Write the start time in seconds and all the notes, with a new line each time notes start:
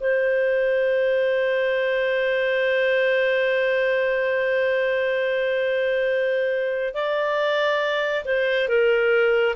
0.00 C5
6.94 D5
8.25 C5
8.68 A#4